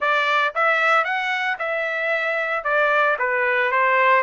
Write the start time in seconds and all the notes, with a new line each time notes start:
0.00 D5
0.54 E5
1.04 F#5
1.59 E5
2.64 D5
3.18 B4
3.71 C5